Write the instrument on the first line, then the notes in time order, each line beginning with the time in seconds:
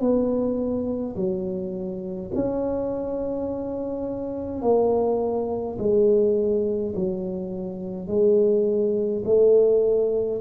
tuba
0.00 B3
1.16 F#3
2.34 C#4
4.62 A#3
5.78 G#3
6.95 F#3
8.08 G#3
9.25 A3